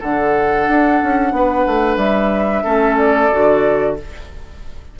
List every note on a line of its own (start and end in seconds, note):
0.00 0.68 D3
0.00 2.65 D4
0.00 1.32 A4
0.00 1.98 F#5
0.68 1.01 D4
1.03 1.32 C#4
1.32 1.65 B3
1.32 2.64 B4
1.67 1.97 A3
1.97 2.63 G3
1.97 2.96 E5
2.64 3.31 A3
2.64 3.30 C#4
2.64 3.95 A4
2.97 3.96 D5
3.31 3.99 D3
3.31 3.97 F#4